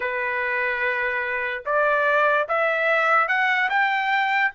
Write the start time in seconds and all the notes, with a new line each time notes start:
0.00 B4
1.65 D5
2.48 E5
3.28 F#5
3.69 G5